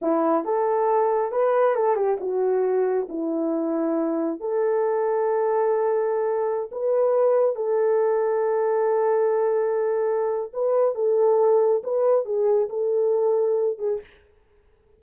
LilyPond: \new Staff \with { instrumentName = "horn" } { \time 4/4 \tempo 4 = 137 e'4 a'2 b'4 | a'8 g'8 fis'2 e'4~ | e'2 a'2~ | a'2.~ a'16 b'8.~ |
b'4~ b'16 a'2~ a'8.~ | a'1 | b'4 a'2 b'4 | gis'4 a'2~ a'8 gis'8 | }